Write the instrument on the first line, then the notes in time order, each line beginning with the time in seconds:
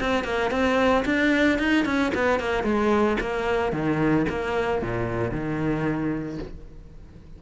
cello
0.00 C4
0.24 A#3
0.50 C4
1.05 D4
1.59 D#4
1.85 C#4
2.14 B3
2.39 A#3
2.63 G#3
3.20 A#3
3.72 D#3
4.29 A#3
4.82 A#2
5.31 D#3